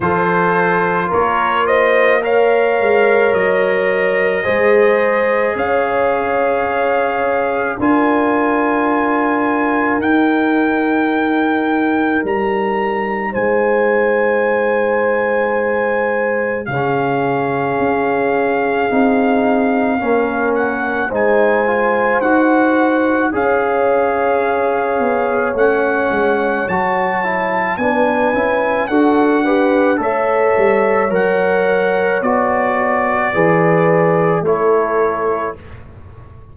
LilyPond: <<
  \new Staff \with { instrumentName = "trumpet" } { \time 4/4 \tempo 4 = 54 c''4 cis''8 dis''8 f''4 dis''4~ | dis''4 f''2 gis''4~ | gis''4 g''2 ais''4 | gis''2. f''4~ |
f''2~ f''8 fis''8 gis''4 | fis''4 f''2 fis''4 | a''4 gis''4 fis''4 e''4 | fis''4 d''2 cis''4 | }
  \new Staff \with { instrumentName = "horn" } { \time 4/4 a'4 ais'8 c''8 cis''2 | c''4 cis''2 ais'4~ | ais'1 | c''2. gis'4~ |
gis'2 ais'4 c''4~ | c''4 cis''2.~ | cis''4 b'4 a'8 b'8 cis''4~ | cis''2 b'4 a'4 | }
  \new Staff \with { instrumentName = "trombone" } { \time 4/4 f'2 ais'2 | gis'2. f'4~ | f'4 dis'2.~ | dis'2. cis'4~ |
cis'4 dis'4 cis'4 dis'8 f'8 | fis'4 gis'2 cis'4 | fis'8 e'8 d'8 e'8 fis'8 g'8 a'4 | ais'4 fis'4 gis'4 e'4 | }
  \new Staff \with { instrumentName = "tuba" } { \time 4/4 f4 ais4. gis8 fis4 | gis4 cis'2 d'4~ | d'4 dis'2 g4 | gis2. cis4 |
cis'4 c'4 ais4 gis4 | dis'4 cis'4. b8 a8 gis8 | fis4 b8 cis'8 d'4 a8 g8 | fis4 b4 e4 a4 | }
>>